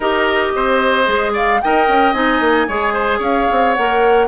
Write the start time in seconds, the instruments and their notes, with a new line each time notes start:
0.00 bassoon D#4, clarinet G4, oboe A#4, flute D#5
0.55 bassoon C4, oboe C5
1.05 bassoon G#3, clarinet G#4
1.32 oboe D5, flute F5
1.61 bassoon D#4, clarinet A#4, oboe D#5, flute G5
1.87 bassoon C#4
2.13 bassoon C4, clarinet D#4, flute G#5
2.40 bassoon A#3
2.67 bassoon G#3, clarinet G#4, oboe C#5
2.93 oboe C5
3.18 bassoon C#4, oboe C#5, flute F5
3.51 bassoon C4
3.74 bassoon A#3, clarinet A#4, flute F#5